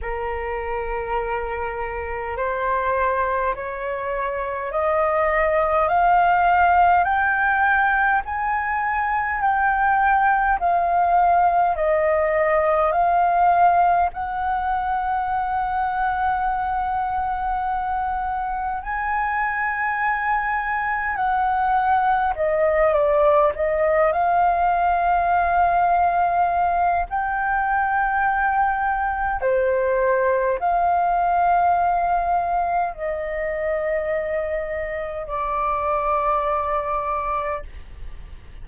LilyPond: \new Staff \with { instrumentName = "flute" } { \time 4/4 \tempo 4 = 51 ais'2 c''4 cis''4 | dis''4 f''4 g''4 gis''4 | g''4 f''4 dis''4 f''4 | fis''1 |
gis''2 fis''4 dis''8 d''8 | dis''8 f''2~ f''8 g''4~ | g''4 c''4 f''2 | dis''2 d''2 | }